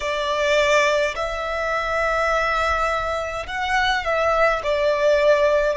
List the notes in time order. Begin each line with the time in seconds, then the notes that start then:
0.00 D5
1.15 E5
3.46 F#5
4.04 E5
4.63 D5